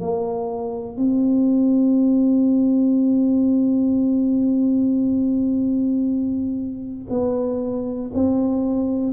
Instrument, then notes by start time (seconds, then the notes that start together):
tuba
0.00 A#3
0.97 C4
7.10 B3
8.14 C4